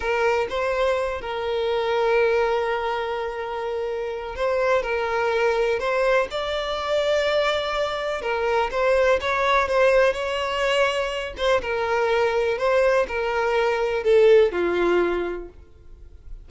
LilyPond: \new Staff \with { instrumentName = "violin" } { \time 4/4 \tempo 4 = 124 ais'4 c''4. ais'4.~ | ais'1~ | ais'4 c''4 ais'2 | c''4 d''2.~ |
d''4 ais'4 c''4 cis''4 | c''4 cis''2~ cis''8 c''8 | ais'2 c''4 ais'4~ | ais'4 a'4 f'2 | }